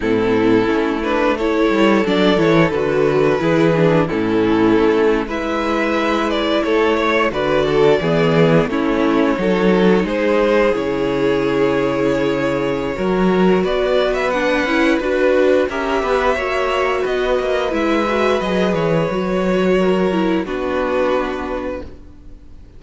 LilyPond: <<
  \new Staff \with { instrumentName = "violin" } { \time 4/4 \tempo 4 = 88 a'4. b'8 cis''4 d''8 cis''8 | b'2 a'4.~ a'16 e''16~ | e''4~ e''16 d''8 cis''4 d''4~ d''16~ | d''8. cis''2 c''4 cis''16~ |
cis''1 | d''8. e''16 fis''4 b'4 e''4~ | e''4 dis''4 e''4 dis''8 cis''8~ | cis''2 b'2 | }
  \new Staff \with { instrumentName = "violin" } { \time 4/4 e'2 a'2~ | a'4 gis'4 e'4.~ e'16 b'16~ | b'4.~ b'16 a'8 cis''8 b'8 a'8 gis'16~ | gis'8. e'4 a'4 gis'4~ gis'16~ |
gis'2. ais'4 | b'2. ais'8 b'8 | cis''4 b'2.~ | b'4 ais'4 fis'2 | }
  \new Staff \with { instrumentName = "viola" } { \time 4/4 c'4 cis'8 d'8 e'4 d'8 e'8 | fis'4 e'8 d'8 cis'4.~ cis'16 e'16~ | e'2~ e'8. fis'4 b16~ | b8. cis'4 dis'2 e'16~ |
e'2. fis'4~ | fis'4 d'8 e'8 fis'4 g'4 | fis'2 e'8 fis'8 gis'4 | fis'4. e'8 d'2 | }
  \new Staff \with { instrumentName = "cello" } { \time 4/4 a,4 a4. g8 fis8 e8 | d4 e4 a,4 a8. gis16~ | gis4.~ gis16 a4 d4 e16~ | e8. a4 fis4 gis4 cis16~ |
cis2. fis4 | b4. cis'8 d'4 cis'8 b8 | ais4 b8 ais8 gis4 fis8 e8 | fis2 b2 | }
>>